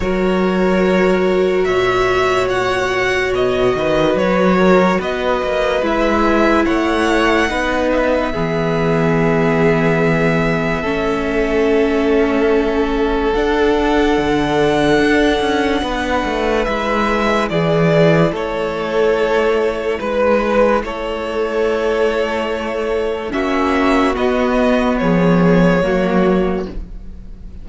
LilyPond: <<
  \new Staff \with { instrumentName = "violin" } { \time 4/4 \tempo 4 = 72 cis''2 e''4 fis''4 | dis''4 cis''4 dis''4 e''4 | fis''4. e''2~ e''8~ | e''1 |
fis''1 | e''4 d''4 cis''2 | b'4 cis''2. | e''4 dis''4 cis''2 | }
  \new Staff \with { instrumentName = "violin" } { \time 4/4 ais'2 cis''2~ | cis''8 b'4 ais'8 b'2 | cis''4 b'4 gis'2~ | gis'4 a'2.~ |
a'2. b'4~ | b'4 gis'4 a'2 | b'4 a'2. | fis'2 gis'4 fis'4 | }
  \new Staff \with { instrumentName = "viola" } { \time 4/4 fis'1~ | fis'2. e'4~ | e'4 dis'4 b2~ | b4 cis'2. |
d'1 | e'1~ | e'1 | cis'4 b2 ais4 | }
  \new Staff \with { instrumentName = "cello" } { \time 4/4 fis2 ais,2 | b,8 dis8 fis4 b8 ais8 gis4 | a4 b4 e2~ | e4 a2. |
d'4 d4 d'8 cis'8 b8 a8 | gis4 e4 a2 | gis4 a2. | ais4 b4 f4 fis4 | }
>>